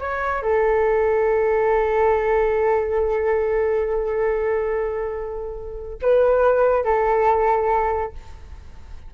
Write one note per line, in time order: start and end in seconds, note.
0.00 0.42 C#5
0.42 5.99 A4
6.02 6.84 B4
6.84 8.13 A4